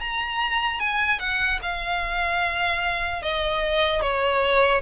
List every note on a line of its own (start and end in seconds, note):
0.00 0.80 A#5
0.80 1.19 G#5
1.19 1.59 F#5
1.62 3.22 F5
3.22 4.01 D#5
4.01 4.81 C#5